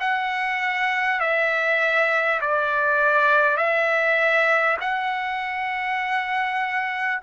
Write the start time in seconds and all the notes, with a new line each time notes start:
0.00 F#5
1.21 E5
2.41 D5
3.57 E5
4.81 F#5